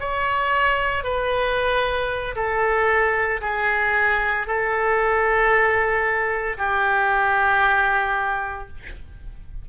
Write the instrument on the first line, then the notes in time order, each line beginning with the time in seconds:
oboe
0.00 C#5
1.04 B4
2.36 A4
3.42 G#4
4.47 A4
6.58 G4